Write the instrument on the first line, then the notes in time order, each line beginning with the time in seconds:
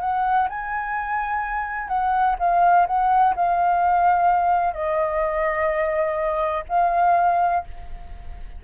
flute
0.00 F#5
0.49 G#5
1.88 F#5
2.39 F5
2.87 F#5
3.35 F5
4.74 D#5
6.69 F5